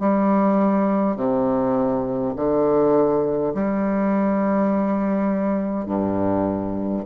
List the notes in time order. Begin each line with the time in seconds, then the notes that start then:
0.00 G3
1.17 C3
2.36 D3
3.55 G3
5.86 G2